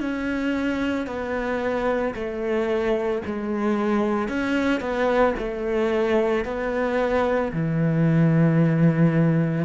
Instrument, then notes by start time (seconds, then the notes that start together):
cello
0.00 C#4
1.07 B3
2.15 A3
3.26 G#3
4.29 C#4
4.81 B3
5.39 A3
6.45 B3
7.53 E3